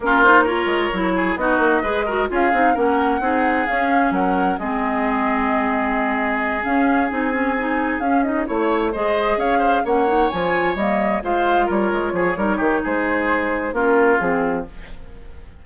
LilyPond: <<
  \new Staff \with { instrumentName = "flute" } { \time 4/4 \tempo 4 = 131 ais'8 c''8 cis''2 dis''4~ | dis''4 f''4 fis''2 | f''4 fis''4 dis''2~ | dis''2~ dis''8 f''4 gis''8~ |
gis''4. f''8 dis''8 cis''4 dis''8~ | dis''8 f''4 fis''4 gis''4 dis''8~ | dis''8 f''4 cis''2~ cis''8 | c''2 ais'4 gis'4 | }
  \new Staff \with { instrumentName = "oboe" } { \time 4/4 f'4 ais'4. gis'8 fis'4 | b'8 ais'8 gis'4 ais'4 gis'4~ | gis'4 ais'4 gis'2~ | gis'1~ |
gis'2~ gis'8 cis''4 c''8~ | c''8 cis''8 c''8 cis''2~ cis''8~ | cis''8 c''4 ais'4 gis'8 ais'8 g'8 | gis'2 f'2 | }
  \new Staff \with { instrumentName = "clarinet" } { \time 4/4 cis'8 dis'8 f'4 e'4 dis'4 | gis'8 fis'8 f'8 dis'8 cis'4 dis'4 | cis'2 c'2~ | c'2~ c'8 cis'4 dis'8 |
cis'8 dis'4 cis'8 dis'8 e'4 gis'8~ | gis'4. cis'8 dis'8 f'4 ais8~ | ais8 f'2~ f'8 dis'4~ | dis'2 cis'4 c'4 | }
  \new Staff \with { instrumentName = "bassoon" } { \time 4/4 ais4. gis8 fis4 b8 ais8 | gis4 cis'8 c'8 ais4 c'4 | cis'4 fis4 gis2~ | gis2~ gis8 cis'4 c'8~ |
c'4. cis'4 a4 gis8~ | gis8 cis'4 ais4 f4 g8~ | g8 gis4 g8 gis8 f8 g8 dis8 | gis2 ais4 f4 | }
>>